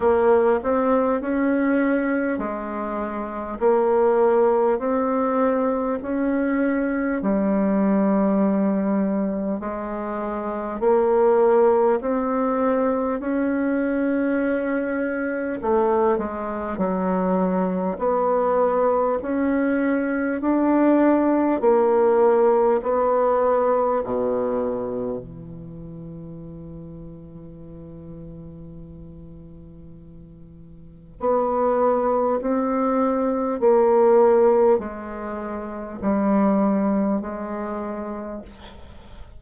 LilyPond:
\new Staff \with { instrumentName = "bassoon" } { \time 4/4 \tempo 4 = 50 ais8 c'8 cis'4 gis4 ais4 | c'4 cis'4 g2 | gis4 ais4 c'4 cis'4~ | cis'4 a8 gis8 fis4 b4 |
cis'4 d'4 ais4 b4 | b,4 e2.~ | e2 b4 c'4 | ais4 gis4 g4 gis4 | }